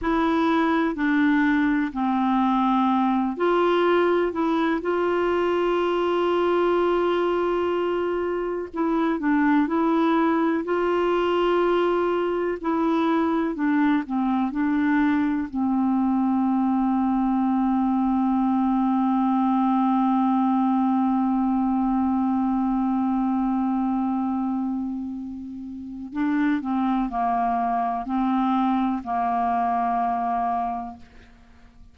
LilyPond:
\new Staff \with { instrumentName = "clarinet" } { \time 4/4 \tempo 4 = 62 e'4 d'4 c'4. f'8~ | f'8 e'8 f'2.~ | f'4 e'8 d'8 e'4 f'4~ | f'4 e'4 d'8 c'8 d'4 |
c'1~ | c'1~ | c'2. d'8 c'8 | ais4 c'4 ais2 | }